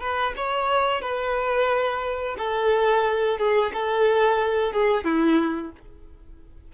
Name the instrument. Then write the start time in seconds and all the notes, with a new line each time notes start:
violin
0.00 B4
0.37 C#5
1.01 B4
2.38 A4
3.38 G#4
3.74 A4
4.73 G#4
5.04 E4